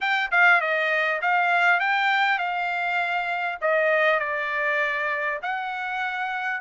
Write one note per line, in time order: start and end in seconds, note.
0.00 0.30 G5
0.31 0.61 F5
0.61 1.21 D#5
1.21 1.79 F5
1.79 2.38 G5
2.38 3.58 F5
3.61 4.19 D#5
4.19 5.39 D5
5.42 6.60 F#5